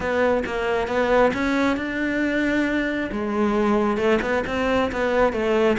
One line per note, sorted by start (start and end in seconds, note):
0.00 0.43 B3
0.45 0.87 A#3
0.87 1.32 B3
1.33 1.76 C#4
1.76 3.10 D4
3.11 3.97 G#3
3.97 4.19 A3
4.21 4.43 B3
4.46 4.91 C4
4.92 5.32 B3
5.32 5.77 A3